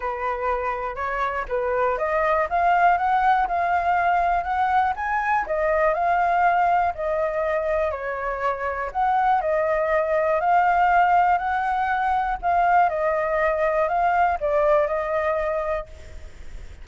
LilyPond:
\new Staff \with { instrumentName = "flute" } { \time 4/4 \tempo 4 = 121 b'2 cis''4 b'4 | dis''4 f''4 fis''4 f''4~ | f''4 fis''4 gis''4 dis''4 | f''2 dis''2 |
cis''2 fis''4 dis''4~ | dis''4 f''2 fis''4~ | fis''4 f''4 dis''2 | f''4 d''4 dis''2 | }